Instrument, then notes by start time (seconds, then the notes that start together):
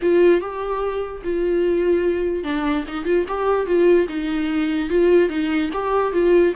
viola
0.01 F4
0.41 G4
1.24 F4
2.43 D4
2.87 D#4
3.05 F4
3.28 G4
3.66 F4
4.08 D#4
4.89 F4
5.29 D#4
5.73 G4
6.12 F4